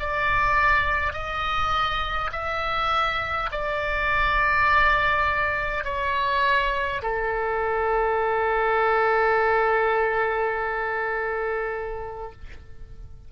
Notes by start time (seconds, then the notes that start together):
0.00 D5
1.13 D#5
2.32 E5
3.51 D5
5.84 C#5
7.02 A4